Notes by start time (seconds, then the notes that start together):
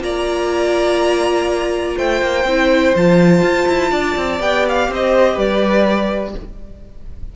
0.00 A#3 F4 D5 A#5
1.97 A3 C5 G5
2.21 A#3
2.44 C4 E4
2.95 F3 F4 A5
3.42 F4
3.69 E4
3.91 D4 D5
4.16 C4
4.40 B3 G4 G5
4.69 F5
4.88 C4 C5 D#5
5.34 G3 B4 D5